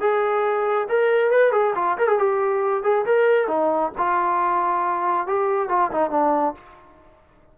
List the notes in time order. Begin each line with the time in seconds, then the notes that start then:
0.00 G#4
0.89 A#4
1.31 B4
1.52 G#4
1.75 F4
1.98 A#4
2.08 G#4
2.19 G4
2.83 G#4
3.06 A#4
3.48 D#4
3.98 F4
5.27 G4
5.69 F4
5.91 D#4
6.11 D4